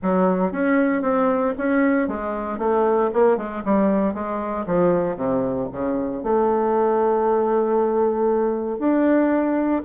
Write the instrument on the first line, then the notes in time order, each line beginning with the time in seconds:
bassoon
0.02 F#3
0.52 C#4
1.02 C4
1.58 C#4
2.07 G#3
2.58 A3
3.13 A#3
3.37 G#3
3.65 G3
4.14 G#3
4.66 F3
5.16 C3
5.72 C#3
6.23 A3
8.78 D4